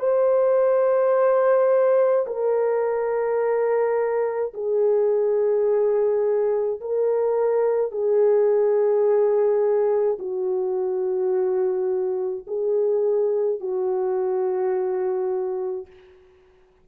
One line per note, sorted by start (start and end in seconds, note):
0.00 2.26 C5
2.27 4.53 A#4
4.54 6.81 G#4
6.81 7.91 A#4
7.91 10.18 G#4
10.19 12.46 F#4
12.47 13.61 G#4
13.61 15.87 F#4